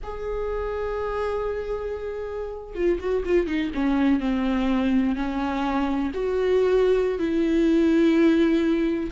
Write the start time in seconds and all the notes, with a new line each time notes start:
0.03 G#4
2.74 F4
2.99 F#4
3.24 F4
3.47 D#4
3.74 C#4
4.20 C4
5.15 C#4
6.14 F#4
7.18 E4